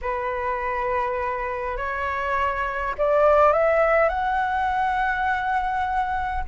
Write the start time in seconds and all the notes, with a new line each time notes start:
0.01 B4
1.77 C#5
2.98 D5
3.53 E5
4.08 F#5